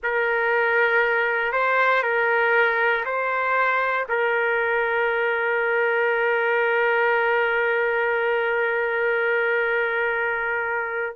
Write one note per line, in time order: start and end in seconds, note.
0.03 1.52 A#4
1.52 2.02 C5
2.02 3.04 A#4
3.05 4.06 C5
4.09 11.16 A#4